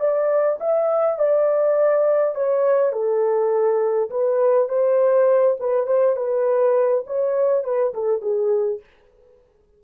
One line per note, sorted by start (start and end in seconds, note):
0.00 0.59 D5
0.60 1.19 E5
1.19 2.35 D5
2.35 2.92 C#5
2.92 4.10 A4
4.10 4.69 B4
4.69 5.57 C5
5.60 5.87 B4
5.87 6.16 C5
6.16 7.05 B4
7.07 7.64 C#5
7.64 7.94 B4
7.94 8.21 A4
8.21 8.80 G#4